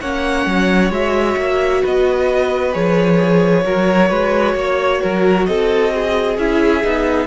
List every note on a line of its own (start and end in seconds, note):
0.00 0.46 A#3
0.00 0.91 C#4
0.00 1.81 C#5
0.00 0.91 F#5
0.46 0.90 F#3
0.90 1.35 G#3
0.90 2.72 F#4
0.90 1.84 E5
1.37 1.82 A#3
1.81 2.74 B3
1.81 3.63 B4
1.81 2.73 D#5
2.72 3.65 F3
2.72 3.62 G#4
2.72 5.45 C#5
3.65 4.10 F#3
3.65 6.37 F#4
3.65 4.09 A#4
4.09 4.54 G#3
4.09 4.54 B4
4.54 5.00 A#3
4.54 5.01 C#5
5.01 5.47 F#3
5.01 5.47 A#4
5.45 6.37 C4
5.45 5.93 A4
5.45 6.36 D#5
5.94 7.26 G#4
6.37 6.83 C#4
6.37 6.83 E4
6.37 7.26 E5
6.83 7.26 B3
6.83 7.26 D#4